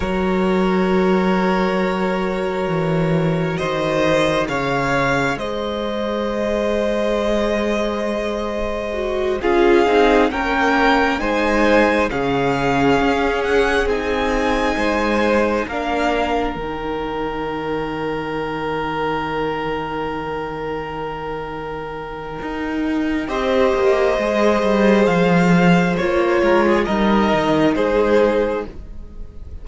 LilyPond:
<<
  \new Staff \with { instrumentName = "violin" } { \time 4/4 \tempo 4 = 67 cis''1 | dis''4 f''4 dis''2~ | dis''2~ dis''8 f''4 g''8~ | g''8 gis''4 f''4. fis''8 gis''8~ |
gis''4. f''4 g''4.~ | g''1~ | g''2 dis''2 | f''4 cis''4 dis''4 c''4 | }
  \new Staff \with { instrumentName = "violin" } { \time 4/4 ais'1 | c''4 cis''4 c''2~ | c''2~ c''8 gis'4 ais'8~ | ais'8 c''4 gis'2~ gis'8~ |
gis'8 c''4 ais'2~ ais'8~ | ais'1~ | ais'2 c''2~ | c''4. ais'16 gis'16 ais'4 gis'4 | }
  \new Staff \with { instrumentName = "viola" } { \time 4/4 fis'1~ | fis'4 gis'2.~ | gis'2 fis'8 f'8 dis'8 cis'8~ | cis'8 dis'4 cis'2 dis'8~ |
dis'4. d'4 dis'4.~ | dis'1~ | dis'2 g'4 gis'4~ | gis'4 f'4 dis'2 | }
  \new Staff \with { instrumentName = "cello" } { \time 4/4 fis2. e4 | dis4 cis4 gis2~ | gis2~ gis8 cis'8 c'8 ais8~ | ais8 gis4 cis4 cis'4 c'8~ |
c'8 gis4 ais4 dis4.~ | dis1~ | dis4 dis'4 c'8 ais8 gis8 g8 | f4 ais8 gis8 g8 dis8 gis4 | }
>>